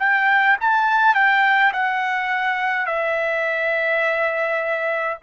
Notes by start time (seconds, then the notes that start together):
0.00 G5
0.61 A5
1.15 G5
1.74 F#5
2.86 E5